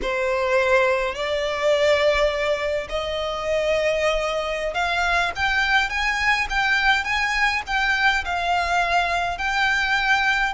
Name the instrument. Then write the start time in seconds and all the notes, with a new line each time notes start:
violin
0.02 C5
1.14 D5
2.89 D#5
4.74 F5
5.35 G5
5.89 G#5
6.49 G5
7.04 G#5
7.66 G5
8.24 F5
9.37 G5